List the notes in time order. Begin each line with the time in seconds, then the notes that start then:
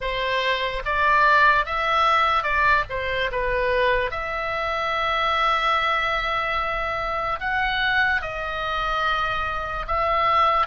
0.00 C5
0.85 D5
1.65 E5
2.42 D5
2.89 C5
3.31 B4
4.10 E5
7.40 F#5
8.21 D#5
9.87 E5